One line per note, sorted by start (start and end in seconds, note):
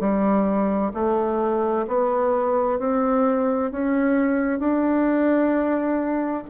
0.00 0.92 G3
0.94 1.86 A3
1.88 2.79 B3
2.79 3.71 C4
3.71 4.59 C#4
4.59 6.44 D4